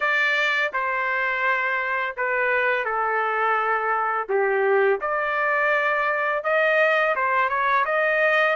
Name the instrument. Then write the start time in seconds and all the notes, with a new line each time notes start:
trumpet
0.00 D5
0.73 C5
2.17 B4
2.84 A4
4.28 G4
5.00 D5
6.43 D#5
7.15 C5
7.49 C#5
7.85 D#5